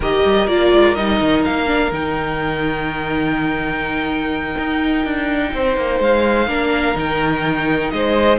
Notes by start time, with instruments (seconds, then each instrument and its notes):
0.00 cello D#3, viola G4, violin A#4 D#5
0.24 cello G3
0.47 cello A#3, viola F4, violin D5
0.72 cello G#3
0.94 cello G3, viola D#4, violin D#5
1.21 cello D#3
1.44 cello A#3, violin F5
1.66 viola D4
1.91 cello D#3, viola D#4, violin G5
4.57 cello D#4
5.04 cello D4
5.53 cello C4, violin C5
5.76 cello A#3
5.99 cello G#3, violin F5
6.47 cello A#3, viola D4, violin A#4
6.94 cello D#3, viola D#4, violin G5
7.90 cello G#3, violin C5 D#5